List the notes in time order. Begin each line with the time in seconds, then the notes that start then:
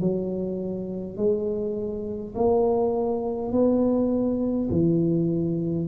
0.00 F#3
1.17 G#3
2.35 A#3
3.52 B3
4.70 E3